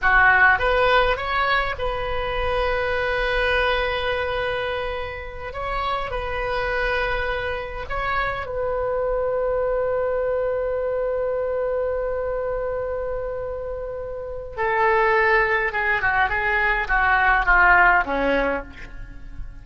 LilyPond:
\new Staff \with { instrumentName = "oboe" } { \time 4/4 \tempo 4 = 103 fis'4 b'4 cis''4 b'4~ | b'1~ | b'4. cis''4 b'4.~ | b'4. cis''4 b'4.~ |
b'1~ | b'1~ | b'4 a'2 gis'8 fis'8 | gis'4 fis'4 f'4 cis'4 | }